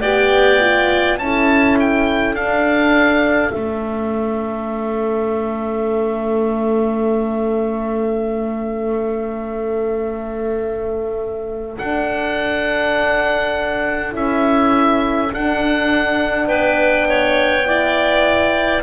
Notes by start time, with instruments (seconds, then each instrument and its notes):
0.00 double bass B3, horn G4, clarinet D5, oboe G5
0.60 horn F4
1.18 double bass C#4, horn E4, clarinet A4, oboe A5
1.79 oboe G5
2.33 double bass D4, horn D4, oboe F5
3.51 double bass A3, horn C#4, oboe E5
11.77 horn D4, double bass D4, oboe F#5
14.12 double bass C#4, horn E4, oboe E5
15.30 horn D4, double bass D4, oboe F#5
16.47 double bass B3, clarinet B4, oboe G5
17.09 clarinet C#5
17.65 horn E4, clarinet D5